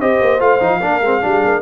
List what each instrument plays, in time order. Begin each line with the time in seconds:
0.00 tuba C4, trombone G4, horn C5, trumpet D#5
0.21 tuba A#3
0.40 tuba A3, trombone F4, trumpet F5
0.61 tuba F3, trombone D#4
0.80 tuba A#3, trombone D4, horn A#4
1.01 tuba G#3, trombone C4
1.21 tuba G3, trombone D4, horn G#4
1.46 tuba A#3